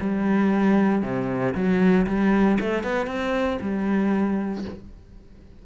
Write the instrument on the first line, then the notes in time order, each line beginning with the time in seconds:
cello
0.00 G3
1.02 C3
1.54 F#3
2.06 G3
2.60 A3
2.83 B3
3.06 C4
3.61 G3